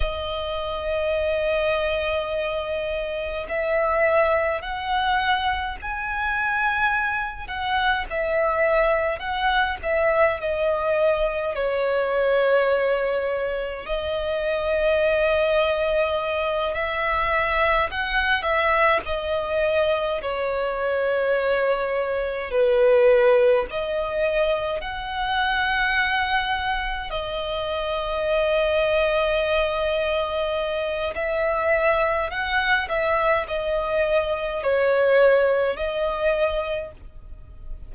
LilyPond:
\new Staff \with { instrumentName = "violin" } { \time 4/4 \tempo 4 = 52 dis''2. e''4 | fis''4 gis''4. fis''8 e''4 | fis''8 e''8 dis''4 cis''2 | dis''2~ dis''8 e''4 fis''8 |
e''8 dis''4 cis''2 b'8~ | b'8 dis''4 fis''2 dis''8~ | dis''2. e''4 | fis''8 e''8 dis''4 cis''4 dis''4 | }